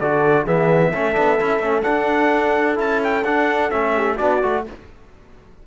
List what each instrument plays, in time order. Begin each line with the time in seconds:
0.00 cello D3, trombone F#4, horn A4, trumpet D5
0.44 cello E3, trombone B3, horn G#4, trumpet E5
0.92 cello A3, trombone C#4, horn A4
1.14 cello B3, trombone D4
1.40 cello C#4, trombone E4
1.59 cello A3, trombone C#4
1.83 trombone D4, cello D4, trumpet F#5
2.76 cello C#4, trombone E4, trumpet A5
3.04 trumpet G5
3.25 cello D4, trombone D4, trumpet F#5
3.71 cello A3, trombone C#4, trumpet E5
3.96 horn G4
4.16 cello B3, trombone D4, horn F#4, trumpet D5
4.42 cello A3, trombone F#4